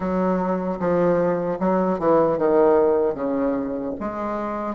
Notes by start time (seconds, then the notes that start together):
0.00 F#3
0.79 F3
1.59 F#3
1.99 E3
2.38 D#3
3.14 C#3
3.99 G#3